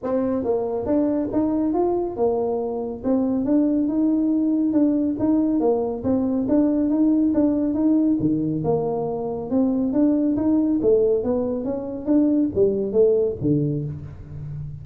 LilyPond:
\new Staff \with { instrumentName = "tuba" } { \time 4/4 \tempo 4 = 139 c'4 ais4 d'4 dis'4 | f'4 ais2 c'4 | d'4 dis'2 d'4 | dis'4 ais4 c'4 d'4 |
dis'4 d'4 dis'4 dis4 | ais2 c'4 d'4 | dis'4 a4 b4 cis'4 | d'4 g4 a4 d4 | }